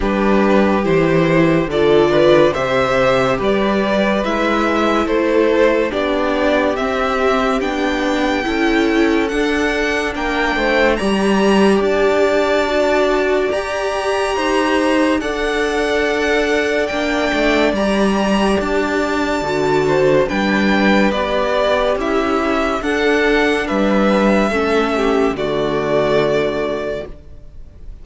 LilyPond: <<
  \new Staff \with { instrumentName = "violin" } { \time 4/4 \tempo 4 = 71 b'4 c''4 d''4 e''4 | d''4 e''4 c''4 d''4 | e''4 g''2 fis''4 | g''4 ais''4 a''2 |
ais''2 fis''2 | g''4 ais''4 a''2 | g''4 d''4 e''4 fis''4 | e''2 d''2 | }
  \new Staff \with { instrumentName = "violin" } { \time 4/4 g'2 a'8 b'8 c''4 | b'2 a'4 g'4~ | g'2 a'2 | ais'8 c''8 d''2.~ |
d''4 c''4 d''2~ | d''2.~ d''8 c''8 | b'2 e'4 a'4 | b'4 a'8 g'8 fis'2 | }
  \new Staff \with { instrumentName = "viola" } { \time 4/4 d'4 e'4 f'4 g'4~ | g'4 e'2 d'4 | c'4 d'4 e'4 d'4~ | d'4 g'2 fis'4 |
g'2 a'2 | d'4 g'2 fis'4 | d'4 g'2 d'4~ | d'4 cis'4 a2 | }
  \new Staff \with { instrumentName = "cello" } { \time 4/4 g4 e4 d4 c4 | g4 gis4 a4 b4 | c'4 b4 cis'4 d'4 | ais8 a8 g4 d'2 |
g'4 dis'4 d'2 | ais8 a8 g4 d'4 d4 | g4 b4 cis'4 d'4 | g4 a4 d2 | }
>>